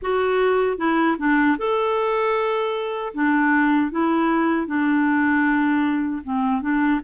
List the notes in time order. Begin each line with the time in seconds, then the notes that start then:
0.01 F#4
0.77 E4
1.18 D4
1.58 A4
3.14 D4
3.91 E4
4.66 D4
6.23 C4
6.61 D4